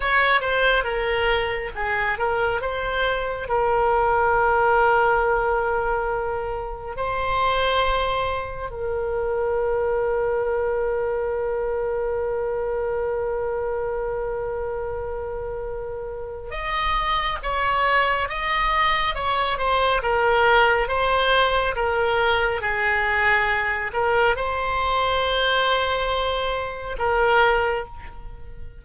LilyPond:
\new Staff \with { instrumentName = "oboe" } { \time 4/4 \tempo 4 = 69 cis''8 c''8 ais'4 gis'8 ais'8 c''4 | ais'1 | c''2 ais'2~ | ais'1~ |
ais'2. dis''4 | cis''4 dis''4 cis''8 c''8 ais'4 | c''4 ais'4 gis'4. ais'8 | c''2. ais'4 | }